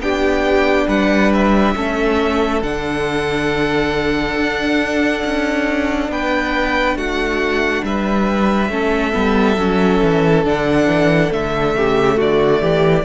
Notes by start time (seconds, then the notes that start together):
0.00 B3 D4 G4 G5
0.88 G3 B4 F#5
1.33 E5
1.76 A3 C#4 A4
2.62 D3 D4 F#5
4.37 D4
5.25 C#4
6.09 B3 B4 G5
6.96 A3 F#4 F#5
7.84 G3 B4 E5
8.70 A3 C#4 A4
9.13 G3 B3
9.57 F#3 C#4
10.03 E3
10.45 D3 D4 F#5
10.87 E3
11.32 D3 A3 E5
11.76 C#3 G4
12.18 D3 F#4 D5
12.61 E3 G4